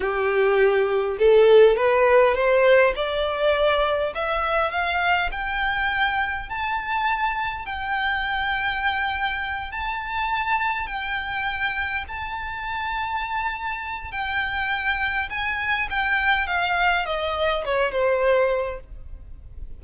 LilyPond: \new Staff \with { instrumentName = "violin" } { \time 4/4 \tempo 4 = 102 g'2 a'4 b'4 | c''4 d''2 e''4 | f''4 g''2 a''4~ | a''4 g''2.~ |
g''8 a''2 g''4.~ | g''8 a''2.~ a''8 | g''2 gis''4 g''4 | f''4 dis''4 cis''8 c''4. | }